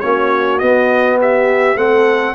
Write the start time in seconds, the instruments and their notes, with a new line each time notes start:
0.00 tuba A#3, trombone C#4, horn F#4, trumpet C#5
0.59 trombone B3, tuba B3, trumpet D#5
1.20 horn G4, trumpet E5
1.76 tuba A3, trombone C4, horn A4, trumpet F#5